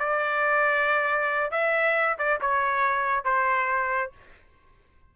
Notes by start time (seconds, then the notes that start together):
0.00 D5
1.52 E5
2.19 D5
2.41 C#5
3.25 C5